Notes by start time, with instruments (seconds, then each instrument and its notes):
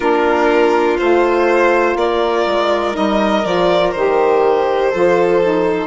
0.00 bassoon A#3, saxophone D4, violin F4 A#4
0.98 bassoon A3, saxophone F4, violin C5
1.95 bassoon A#3, violin A#4 D5
2.46 bassoon G#3
2.92 bassoon G3, saxophone D#4, violin D#5
3.44 bassoon F3, saxophone F4, violin D5
3.91 bassoon D#3, saxophone G4, violin C5
4.89 bassoon F3, saxophone F4, violin A4
5.42 saxophone D#4